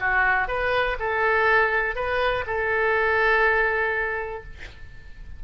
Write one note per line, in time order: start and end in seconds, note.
0.00 0.48 F#4
0.48 0.97 B4
0.99 1.95 A4
1.95 2.45 B4
2.47 4.44 A4